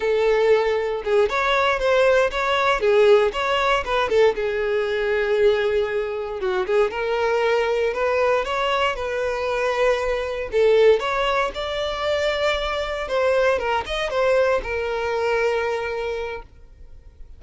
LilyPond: \new Staff \with { instrumentName = "violin" } { \time 4/4 \tempo 4 = 117 a'2 gis'8 cis''4 c''8~ | c''8 cis''4 gis'4 cis''4 b'8 | a'8 gis'2.~ gis'8~ | gis'8 fis'8 gis'8 ais'2 b'8~ |
b'8 cis''4 b'2~ b'8~ | b'8 a'4 cis''4 d''4.~ | d''4. c''4 ais'8 dis''8 c''8~ | c''8 ais'2.~ ais'8 | }